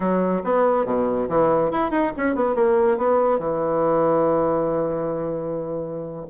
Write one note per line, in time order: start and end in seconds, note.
0.00 0.42 F#3
0.44 0.85 B3
0.85 1.27 B2
1.28 1.71 E3
1.71 1.91 E4
1.91 2.12 D#4
2.17 2.35 C#4
2.35 2.55 B3
2.55 2.97 A#3
2.97 3.38 B3
3.38 6.26 E3